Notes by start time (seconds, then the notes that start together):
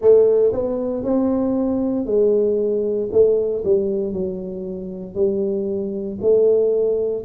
0.00 A3
0.52 B3
1.03 C4
2.05 G#3
3.12 A3
3.64 G3
4.12 F#3
5.14 G3
6.21 A3